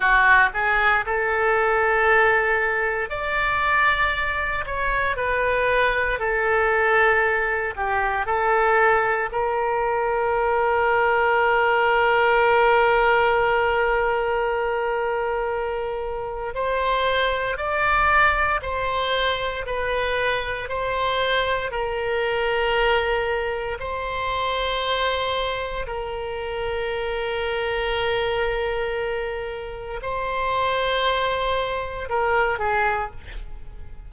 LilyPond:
\new Staff \with { instrumentName = "oboe" } { \time 4/4 \tempo 4 = 58 fis'8 gis'8 a'2 d''4~ | d''8 cis''8 b'4 a'4. g'8 | a'4 ais'2.~ | ais'1 |
c''4 d''4 c''4 b'4 | c''4 ais'2 c''4~ | c''4 ais'2.~ | ais'4 c''2 ais'8 gis'8 | }